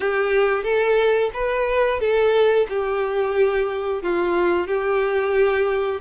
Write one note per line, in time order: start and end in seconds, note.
0.00 0.63 G4
0.63 1.30 A4
1.33 2.00 B4
2.00 2.66 A4
2.68 4.02 G4
4.02 4.67 F4
4.67 6.00 G4